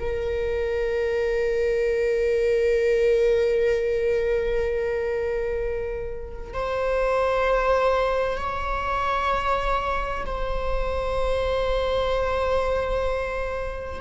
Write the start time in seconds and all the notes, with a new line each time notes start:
0.00 A#4
6.53 C5
8.37 C#5
10.25 C5